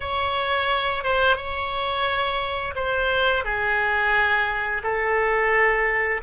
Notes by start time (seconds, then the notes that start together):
0.00 C#5
1.03 C5
1.36 C#5
2.75 C5
3.44 G#4
4.83 A4